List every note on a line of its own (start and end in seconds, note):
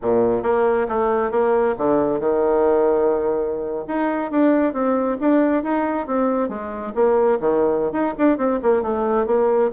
0.02 0.43 A#2
0.43 0.87 A#3
0.88 1.31 A3
1.31 1.75 A#3
1.77 2.19 D3
2.19 3.85 D#3
3.87 4.31 D#4
4.31 4.73 D4
4.73 5.17 C4
5.20 5.63 D4
5.63 6.06 D#4
6.06 6.49 C4
6.49 6.93 G#3
6.94 7.38 A#3
7.40 7.92 D#3
7.92 8.14 D#4
8.18 8.37 D4
8.37 8.59 C4
8.62 8.82 A#3
8.82 9.26 A3
9.26 9.70 A#3